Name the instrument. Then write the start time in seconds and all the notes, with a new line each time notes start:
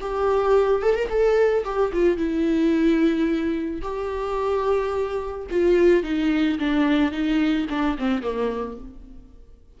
viola
0.00 G4
0.82 A4
0.94 A#4
1.09 A4
1.64 G4
1.92 F4
2.17 E4
3.81 G4
5.50 F4
6.03 D#4
6.59 D4
7.11 D#4
7.69 D4
7.98 C4
8.22 A#3